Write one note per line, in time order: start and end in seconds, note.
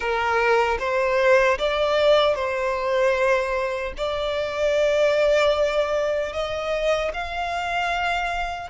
0.00 0.78 A#4
0.79 1.58 C5
1.58 2.35 D5
2.35 3.93 C5
3.97 6.32 D5
6.32 7.11 D#5
7.13 8.70 F5